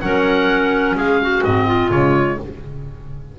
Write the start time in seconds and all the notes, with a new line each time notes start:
0.00 F#3 C#4 A#4 F#5
0.95 G#3 G#4 F5
1.21 F#4
1.42 G#2 C4 D#5
1.66 F4
1.90 C#3 G#3 C#5